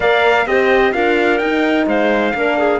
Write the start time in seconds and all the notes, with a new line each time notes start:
0.00 A#3 A#4 D5 F5
0.46 C4 G4 C5 D#5
0.92 D4 F4 A#4 F5
1.38 D#4 G5
1.86 G#3 C5 F5
2.34 A#3 D4 A#4
2.58 G#4